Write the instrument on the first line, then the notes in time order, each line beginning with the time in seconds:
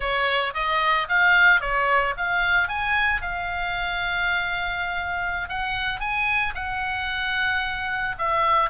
oboe
0.00 C#5
0.54 D#5
1.08 F5
1.60 C#5
2.17 F5
2.68 G#5
3.21 F5
5.48 F#5
6.00 G#5
6.55 F#5
8.18 E5